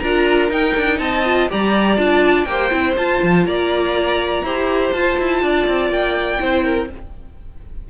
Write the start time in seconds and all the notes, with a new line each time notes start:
0.00 D4 F4 A#4 A#5
0.50 D#4 G5
0.77 D4
0.99 C4 D#5 A5
1.25 F4
1.49 G3 G4 D5 A#5
1.97 D4 F4 A5
2.45 A#3 G4 C5 G5
2.71 C4 E4
2.97 F4 A5
3.23 F3
3.46 A#3 D5 A#5
4.43 E4 G4 C5
4.93 F4 A5
5.19 E4
5.43 D4 D5
5.67 C4
5.90 A#3 G5
6.39 C4 E4 C5
6.65 A#4